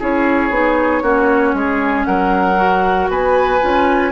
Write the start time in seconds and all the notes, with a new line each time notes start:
0.00 C#4 E4 G#4 C#5
0.50 B3 D#4
1.03 A#3 C#4 F#4
1.54 G#3 G#4
2.05 F#3 A#4 F#5
2.56 F#4
3.09 B3 B4 G#5
3.61 C#4 F4